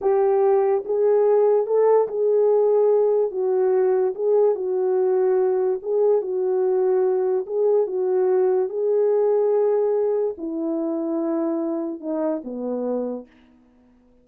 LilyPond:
\new Staff \with { instrumentName = "horn" } { \time 4/4 \tempo 4 = 145 g'2 gis'2 | a'4 gis'2. | fis'2 gis'4 fis'4~ | fis'2 gis'4 fis'4~ |
fis'2 gis'4 fis'4~ | fis'4 gis'2.~ | gis'4 e'2.~ | e'4 dis'4 b2 | }